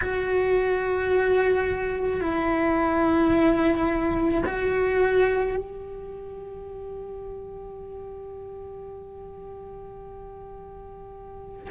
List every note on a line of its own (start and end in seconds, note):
0.01 2.20 F#4
2.20 4.42 E4
4.45 5.57 F#4
5.57 11.68 G4